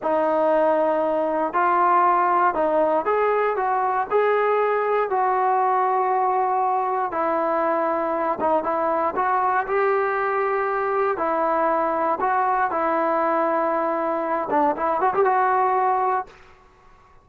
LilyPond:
\new Staff \with { instrumentName = "trombone" } { \time 4/4 \tempo 4 = 118 dis'2. f'4~ | f'4 dis'4 gis'4 fis'4 | gis'2 fis'2~ | fis'2 e'2~ |
e'8 dis'8 e'4 fis'4 g'4~ | g'2 e'2 | fis'4 e'2.~ | e'8 d'8 e'8 fis'16 g'16 fis'2 | }